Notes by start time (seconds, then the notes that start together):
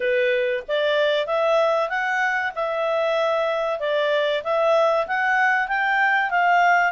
0.00 B4
0.68 D5
1.26 E5
1.89 F#5
2.55 E5
3.79 D5
4.43 E5
5.07 F#5
5.68 G5
6.30 F5